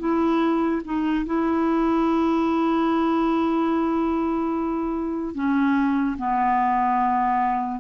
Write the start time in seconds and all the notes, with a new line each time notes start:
0.00 E4
0.85 D#4
1.26 E4
5.35 C#4
6.18 B3